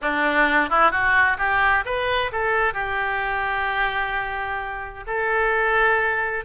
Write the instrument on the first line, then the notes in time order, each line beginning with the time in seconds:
oboe
0.01 D4
0.69 E4
0.91 F#4
1.38 G4
1.85 B4
2.32 A4
2.73 G4
5.06 A4